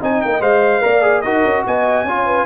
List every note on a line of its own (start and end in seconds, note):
0.00 0.23 C4
0.00 0.41 D#4
0.00 0.82 D#5
0.00 0.22 G#5
0.22 0.41 A#3
0.22 0.42 G5
0.41 0.82 G#3
0.41 0.82 C5
0.41 1.22 F5
0.82 1.24 A#3
0.82 1.02 A#4
0.82 1.24 D5
1.02 1.23 G#4
1.22 1.45 D#4
1.22 2.07 F#4
1.22 1.65 A#4
1.22 1.63 D#5
1.45 1.65 C#4
1.67 2.04 B3
1.67 2.07 D#5
1.67 2.46 G#5
2.04 2.45 C#4
2.04 2.46 F4
2.04 2.26 C#5
2.26 2.46 B4